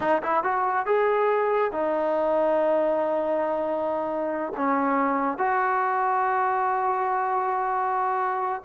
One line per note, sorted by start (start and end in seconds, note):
0.00 0.22 D#4
0.22 0.43 E4
0.43 0.86 F#4
0.86 1.72 G#4
1.72 4.52 D#4
4.56 5.38 C#4
5.38 8.61 F#4